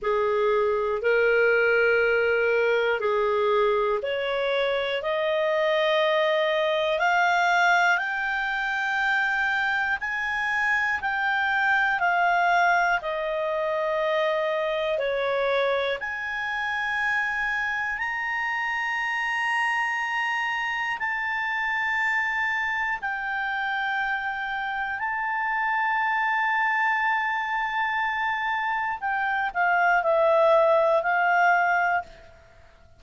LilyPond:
\new Staff \with { instrumentName = "clarinet" } { \time 4/4 \tempo 4 = 60 gis'4 ais'2 gis'4 | cis''4 dis''2 f''4 | g''2 gis''4 g''4 | f''4 dis''2 cis''4 |
gis''2 ais''2~ | ais''4 a''2 g''4~ | g''4 a''2.~ | a''4 g''8 f''8 e''4 f''4 | }